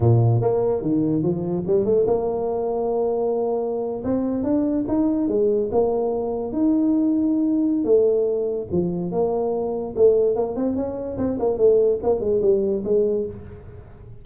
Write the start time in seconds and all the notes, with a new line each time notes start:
0.00 A#2
0.41 A#3
0.81 D#3
1.22 F3
1.66 G3
1.85 A3
2.06 A#3
4.03 C4
4.43 D4
4.87 D#4
5.28 G#3
5.71 A#3
6.52 D#4
7.84 A3
8.71 F3
9.11 A#3
9.96 A3
10.35 A#3
10.56 C4
10.76 C#4
11.17 C4
11.39 A#3
11.57 A3
12.02 A#3
12.20 G#3
12.41 G3
12.84 G#3